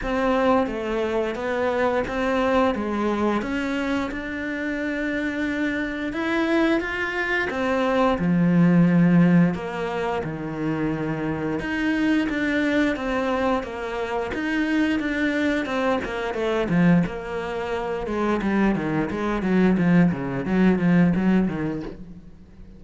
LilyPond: \new Staff \with { instrumentName = "cello" } { \time 4/4 \tempo 4 = 88 c'4 a4 b4 c'4 | gis4 cis'4 d'2~ | d'4 e'4 f'4 c'4 | f2 ais4 dis4~ |
dis4 dis'4 d'4 c'4 | ais4 dis'4 d'4 c'8 ais8 | a8 f8 ais4. gis8 g8 dis8 | gis8 fis8 f8 cis8 fis8 f8 fis8 dis8 | }